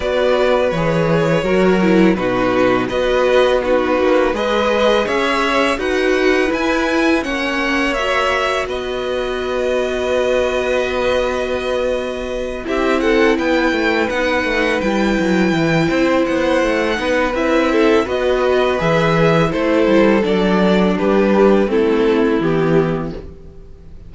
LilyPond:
<<
  \new Staff \with { instrumentName = "violin" } { \time 4/4 \tempo 4 = 83 d''4 cis''2 b'4 | dis''4 b'4 dis''4 e''4 | fis''4 gis''4 fis''4 e''4 | dis''1~ |
dis''4. e''8 fis''8 g''4 fis''8~ | fis''8 g''2 fis''4. | e''4 dis''4 e''4 c''4 | d''4 b'4 a'4 g'4 | }
  \new Staff \with { instrumentName = "violin" } { \time 4/4 b'2 ais'4 fis'4 | b'4 fis'4 b'4 cis''4 | b'2 cis''2 | b'1~ |
b'4. g'8 a'8 b'4.~ | b'2 c''4. b'8~ | b'8 a'8 b'2 a'4~ | a'4 g'4 e'2 | }
  \new Staff \with { instrumentName = "viola" } { \time 4/4 fis'4 gis'4 fis'8 e'8 dis'4 | fis'4 dis'4 gis'2 | fis'4 e'4 cis'4 fis'4~ | fis'1~ |
fis'4. e'2 dis'8~ | dis'8 e'2. dis'8 | e'4 fis'4 gis'4 e'4 | d'2 c'4 b4 | }
  \new Staff \with { instrumentName = "cello" } { \time 4/4 b4 e4 fis4 b,4 | b4. ais8 gis4 cis'4 | dis'4 e'4 ais2 | b1~ |
b4. c'4 b8 a8 b8 | a8 g8 fis8 e8 c'8 b8 a8 b8 | c'4 b4 e4 a8 g8 | fis4 g4 a4 e4 | }
>>